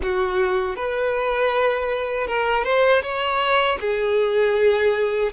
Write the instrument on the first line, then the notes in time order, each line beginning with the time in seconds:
violin
0.02 F#4
0.76 B4
2.27 A#4
2.64 C5
3.02 C#5
3.80 G#4